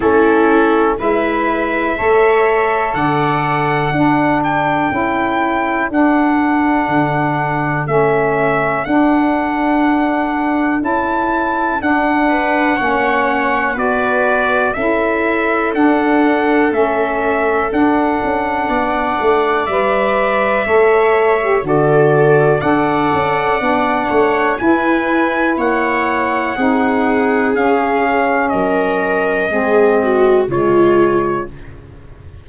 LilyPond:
<<
  \new Staff \with { instrumentName = "trumpet" } { \time 4/4 \tempo 4 = 61 a'4 e''2 fis''4~ | fis''8 g''4. fis''2 | e''4 fis''2 a''4 | fis''2 d''4 e''4 |
fis''4 e''4 fis''2 | e''2 d''4 fis''4~ | fis''4 gis''4 fis''2 | f''4 dis''2 cis''4 | }
  \new Staff \with { instrumentName = "viola" } { \time 4/4 e'4 b'4 cis''4 d''4 | a'1~ | a'1~ | a'8 b'8 cis''4 b'4 a'4~ |
a'2. d''4~ | d''4 cis''4 a'4 d''4~ | d''8 cis''8 b'4 cis''4 gis'4~ | gis'4 ais'4 gis'8 fis'8 f'4 | }
  \new Staff \with { instrumentName = "saxophone" } { \time 4/4 cis'4 e'4 a'2 | d'4 e'4 d'2 | cis'4 d'2 e'4 | d'4 cis'4 fis'4 e'4 |
d'4 cis'4 d'2 | b'4 a'8. g'16 fis'4 a'4 | d'4 e'2 dis'4 | cis'2 c'4 gis4 | }
  \new Staff \with { instrumentName = "tuba" } { \time 4/4 a4 gis4 a4 d4 | d'4 cis'4 d'4 d4 | a4 d'2 cis'4 | d'4 ais4 b4 cis'4 |
d'4 a4 d'8 cis'8 b8 a8 | g4 a4 d4 d'8 cis'8 | b8 a8 e'4 ais4 c'4 | cis'4 fis4 gis4 cis4 | }
>>